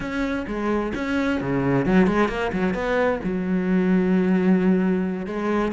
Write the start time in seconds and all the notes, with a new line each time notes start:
0.00 C#4
0.47 G#3
0.95 C#4
1.40 C#3
1.85 F#3
2.07 G#3
2.28 A#3
2.52 F#3
2.74 B3
3.23 F#3
5.26 G#3